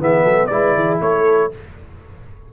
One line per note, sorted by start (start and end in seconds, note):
0.00 0.24 E3
0.00 0.50 B3
0.00 0.24 G#4
0.00 0.46 E5
0.24 0.49 F#3
0.24 0.49 A4
0.46 0.75 G#3
0.46 1.51 E4
0.46 0.76 B4
0.46 0.97 D5
0.75 1.00 E3
0.75 1.02 G#4
1.01 1.51 A3
1.01 1.53 A4
1.01 1.51 C#5